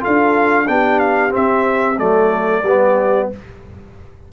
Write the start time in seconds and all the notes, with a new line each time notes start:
0.00 F4 A4 F5
0.06 D4
0.67 B3 D4 G4 G5
0.99 F5
1.29 C4 E5
1.98 F#3 A3 A4 D5
2.63 G3 B3 G4